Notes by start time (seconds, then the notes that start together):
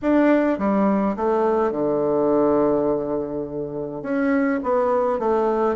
0.02 D4
0.58 G3
1.16 A3
1.72 D3
4.02 C#4
4.63 B3
5.19 A3